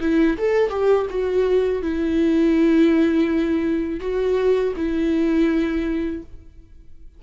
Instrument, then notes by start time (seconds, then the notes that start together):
viola
0.00 E4
0.38 A4
0.70 G4
1.10 F#4
1.82 E4
4.00 F#4
4.76 E4